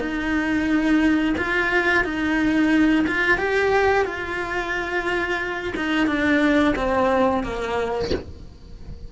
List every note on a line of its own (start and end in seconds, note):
0.00 1.35 D#4
1.38 2.04 F4
2.04 3.06 D#4
3.07 3.38 F4
3.38 4.05 G4
4.05 5.73 F4
5.76 6.07 D#4
6.07 6.74 D4
6.76 7.43 C4
7.43 8.11 A#3